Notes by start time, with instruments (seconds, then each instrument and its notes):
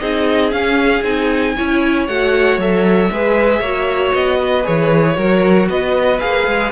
0.00 cello C4, viola D#4, violin G#4 D#5
0.52 viola C#4, cello C#4, violin F5
1.04 cello C4, viola D#4, violin G#5
1.57 cello C#4, viola E4, violin C#5
2.07 cello A3, viola F#4, violin F#5
2.58 cello F#3, viola A4, violin E5
3.12 cello G#3, viola G#4, violin B4
3.61 cello A#3, viola F#4, violin C#5
4.15 cello B3, violin D#5
4.40 violin B4
4.64 cello E3, viola G#4, violin C#5
5.16 cello F#3, viola F#4, violin A#4
5.70 cello B3, violin B4 D#5
6.20 cello A#3, viola G#4, violin F5
6.47 cello G#3